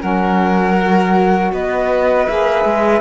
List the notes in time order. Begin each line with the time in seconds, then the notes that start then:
0.00 F#3 C#4 A#4 F#5
0.78 F#4
1.52 B3 B4 D#5
2.28 A#3 G#4 E5
2.65 G#3